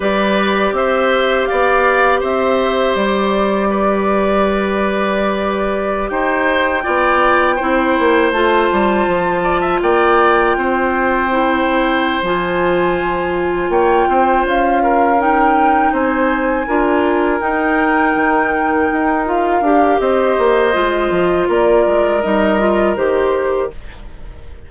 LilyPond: <<
  \new Staff \with { instrumentName = "flute" } { \time 4/4 \tempo 4 = 81 d''4 e''4 f''4 e''4 | d''1~ | d''16 g''2. a''8.~ | a''4~ a''16 g''2~ g''8.~ |
g''8 gis''2 g''4 f''8~ | f''8 g''4 gis''2 g''8~ | g''2 f''4 dis''4~ | dis''4 d''4 dis''4 c''4 | }
  \new Staff \with { instrumentName = "oboe" } { \time 4/4 b'4 c''4 d''4 c''4~ | c''4 b'2.~ | b'16 c''4 d''4 c''4.~ c''16~ | c''8. d''16 e''16 d''4 c''4.~ c''16~ |
c''2~ c''8 cis''8 c''4 | ais'4. c''4 ais'4.~ | ais'2. c''4~ | c''4 ais'2. | }
  \new Staff \with { instrumentName = "clarinet" } { \time 4/4 g'1~ | g'1~ | g'4~ g'16 f'4 e'4 f'8.~ | f'2.~ f'16 e'8.~ |
e'8 f'2.~ f'8~ | f'8 dis'2 f'4 dis'8~ | dis'2 f'8 g'4. | f'2 dis'8 f'8 g'4 | }
  \new Staff \with { instrumentName = "bassoon" } { \time 4/4 g4 c'4 b4 c'4 | g1~ | g16 dis'4 b4 c'8 ais8 a8 g16~ | g16 f4 ais4 c'4.~ c'16~ |
c'8 f2 ais8 c'8 cis'8~ | cis'4. c'4 d'4 dis'8~ | dis'8 dis4 dis'4 d'8 c'8 ais8 | gis8 f8 ais8 gis8 g4 dis4 | }
>>